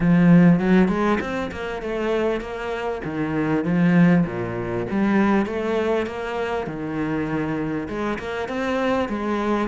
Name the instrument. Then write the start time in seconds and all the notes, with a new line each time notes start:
cello
0.00 F3
0.59 F#3
0.88 G#3
1.20 C4
1.52 A#3
1.82 A3
2.40 A#3
3.04 D#3
3.64 F3
4.26 A#2
4.90 G3
5.45 A3
6.06 A#3
6.67 D#3
7.88 G#3
8.18 A#3
8.48 C4
9.08 G#3